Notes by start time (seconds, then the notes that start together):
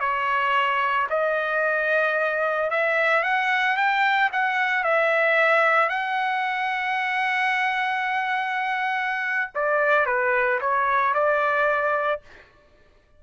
0.00 C#5
1.10 D#5
2.71 E5
3.23 F#5
3.77 G5
4.32 F#5
4.84 E5
5.89 F#5
9.55 D5
10.06 B4
10.61 C#5
11.14 D5